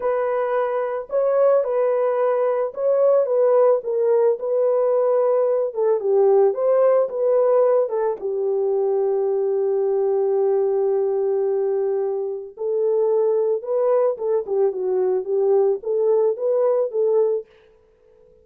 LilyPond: \new Staff \with { instrumentName = "horn" } { \time 4/4 \tempo 4 = 110 b'2 cis''4 b'4~ | b'4 cis''4 b'4 ais'4 | b'2~ b'8 a'8 g'4 | c''4 b'4. a'8 g'4~ |
g'1~ | g'2. a'4~ | a'4 b'4 a'8 g'8 fis'4 | g'4 a'4 b'4 a'4 | }